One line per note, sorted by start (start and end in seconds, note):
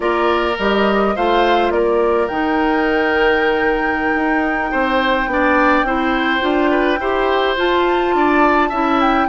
0.00 0.56 A#3
0.00 0.53 F4
0.00 1.15 A#4
0.00 0.57 D5
0.58 1.15 G3
0.58 1.16 G4
0.58 1.16 D#5
1.15 1.70 A3
1.15 2.30 F4
1.15 1.72 C5
1.15 1.71 F5
1.70 2.27 A#3
1.70 4.71 A#4
1.70 2.27 D5
2.27 4.14 D#3
2.27 5.29 D#4
2.27 7.56 G5
4.14 4.71 D#4
4.71 5.27 C4
4.71 5.28 C5
5.27 5.83 B3
5.27 5.85 D4
5.27 5.86 D5
5.83 6.40 C4
5.83 6.40 E4
5.83 6.70 C5
6.40 6.99 D4
6.40 6.97 F4
6.70 6.99 B4
6.99 7.56 E4
6.99 7.56 G4
6.99 8.14 C5
7.56 8.71 F4
7.56 8.14 F4
7.56 9.00 A5
8.14 8.70 D4
8.14 8.69 D5
8.69 9.27 C#4
8.69 9.28 E4
8.69 9.26 E5
9.00 9.28 G5